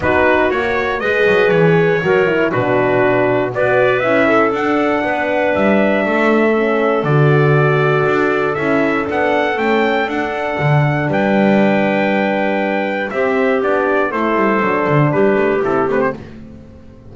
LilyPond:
<<
  \new Staff \with { instrumentName = "trumpet" } { \time 4/4 \tempo 4 = 119 b'4 cis''4 dis''4 cis''4~ | cis''4 b'2 d''4 | e''4 fis''2 e''4~ | e''2 d''2~ |
d''4 e''4 fis''4 g''4 | fis''2 g''2~ | g''2 e''4 d''4 | c''2 b'4 a'8 b'16 c''16 | }
  \new Staff \with { instrumentName = "clarinet" } { \time 4/4 fis'2 b'2 | ais'4 fis'2 b'4~ | b'8 a'4. b'2 | a'1~ |
a'1~ | a'2 b'2~ | b'2 g'2 | a'2 g'2 | }
  \new Staff \with { instrumentName = "horn" } { \time 4/4 dis'4 fis'4 gis'2 | fis'8 e'8 d'2 fis'4 | e'4 d'2.~ | d'4 cis'4 fis'2~ |
fis'4 e'4 d'4 cis'4 | d'1~ | d'2 c'4 d'4 | e'4 d'2 e'8 c'8 | }
  \new Staff \with { instrumentName = "double bass" } { \time 4/4 b4 ais4 gis8 fis8 e4 | fis4 b,2 b4 | cis'4 d'4 b4 g4 | a2 d2 |
d'4 cis'4 b4 a4 | d'4 d4 g2~ | g2 c'4 b4 | a8 g8 fis8 d8 g8 a8 c'8 a8 | }
>>